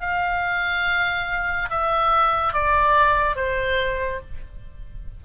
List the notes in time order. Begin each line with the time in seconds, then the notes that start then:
0.00 F5
1.70 E5
2.53 D5
3.35 C5